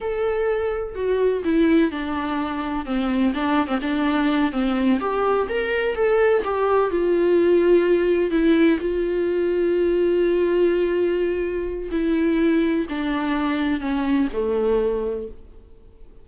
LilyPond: \new Staff \with { instrumentName = "viola" } { \time 4/4 \tempo 4 = 126 a'2 fis'4 e'4 | d'2 c'4 d'8. c'16 | d'4. c'4 g'4 ais'8~ | ais'8 a'4 g'4 f'4.~ |
f'4. e'4 f'4.~ | f'1~ | f'4 e'2 d'4~ | d'4 cis'4 a2 | }